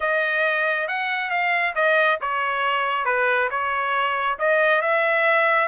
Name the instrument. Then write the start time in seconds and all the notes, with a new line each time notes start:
trumpet
0.00 D#5
0.88 F#5
1.30 F5
1.75 D#5
2.21 C#5
3.05 B4
3.50 C#5
4.38 D#5
4.81 E5